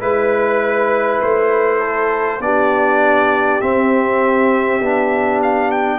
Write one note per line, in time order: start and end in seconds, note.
0.00 1.21 G#3
0.00 2.41 E4
0.00 1.80 B4
0.00 1.22 B4
1.22 2.40 A3
1.22 2.42 C5
1.80 2.40 A4
2.40 3.60 B3
2.40 3.61 D4
2.40 5.99 G4
2.40 3.61 D5
3.61 4.81 C4
3.61 5.41 E5
4.81 5.99 B3
4.81 5.99 D4
5.43 5.71 F5
5.71 5.99 G5